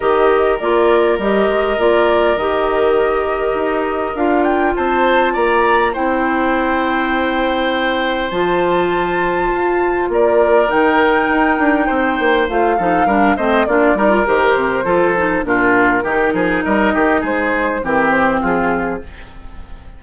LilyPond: <<
  \new Staff \with { instrumentName = "flute" } { \time 4/4 \tempo 4 = 101 dis''4 d''4 dis''4 d''4 | dis''2. f''8 g''8 | a''4 ais''4 g''2~ | g''2 a''2~ |
a''4 d''4 g''2~ | g''4 f''4. dis''8 d''4 | c''2 ais'2 | dis''4 c''4 ais'8 c''8 gis'4 | }
  \new Staff \with { instrumentName = "oboe" } { \time 4/4 ais'1~ | ais'1 | c''4 d''4 c''2~ | c''1~ |
c''4 ais'2. | c''4. a'8 ais'8 c''8 f'8 ais'8~ | ais'4 a'4 f'4 g'8 gis'8 | ais'8 g'8 gis'4 g'4 f'4 | }
  \new Staff \with { instrumentName = "clarinet" } { \time 4/4 g'4 f'4 g'4 f'4 | g'2. f'4~ | f'2 e'2~ | e'2 f'2~ |
f'2 dis'2~ | dis'4 f'8 dis'8 d'8 c'8 d'8 dis'16 f'16 | g'4 f'8 dis'8 d'4 dis'4~ | dis'2 c'2 | }
  \new Staff \with { instrumentName = "bassoon" } { \time 4/4 dis4 ais4 g8 gis8 ais4 | dis2 dis'4 d'4 | c'4 ais4 c'2~ | c'2 f2 |
f'4 ais4 dis4 dis'8 d'8 | c'8 ais8 a8 f8 g8 a8 ais8 g8 | dis8 c8 f4 ais,4 dis8 f8 | g8 dis8 gis4 e4 f4 | }
>>